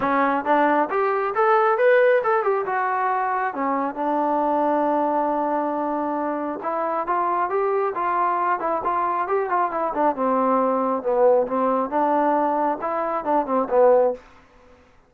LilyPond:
\new Staff \with { instrumentName = "trombone" } { \time 4/4 \tempo 4 = 136 cis'4 d'4 g'4 a'4 | b'4 a'8 g'8 fis'2 | cis'4 d'2.~ | d'2. e'4 |
f'4 g'4 f'4. e'8 | f'4 g'8 f'8 e'8 d'8 c'4~ | c'4 b4 c'4 d'4~ | d'4 e'4 d'8 c'8 b4 | }